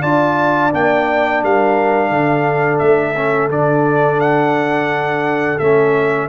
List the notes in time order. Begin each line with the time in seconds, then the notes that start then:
0.00 D4 F4 D5 A5
0.70 A#3 D4 G5
1.41 G3 A#4 F5
2.09 D3 A4
2.78 A3 E5
3.16 C#4
3.49 D3 D4 D5
4.20 F#5
5.58 A3 C#4 E5